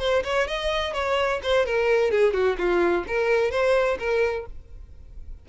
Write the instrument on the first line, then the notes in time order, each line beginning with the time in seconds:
violin
0.00 C5
0.24 C#5
0.48 D#5
0.94 C#5
1.43 C5
1.66 A#4
2.11 G#4
2.34 F#4
2.58 F4
3.07 A#4
3.51 C5
3.99 A#4